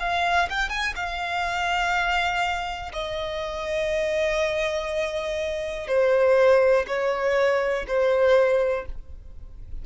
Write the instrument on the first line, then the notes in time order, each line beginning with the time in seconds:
violin
0.00 F5
0.50 G5
0.70 G#5
0.96 F5
2.93 D#5
5.88 C5
6.88 C#5
7.88 C5